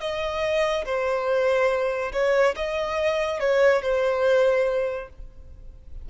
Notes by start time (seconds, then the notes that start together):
0.00 D#5
0.85 C5
2.12 C#5
2.55 D#5
3.40 C#5
3.81 C5